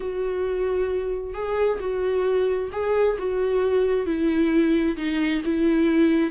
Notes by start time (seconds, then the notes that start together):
0.00 F#4
1.34 G#4
1.80 F#4
2.71 G#4
3.18 F#4
4.06 E4
4.96 D#4
5.45 E4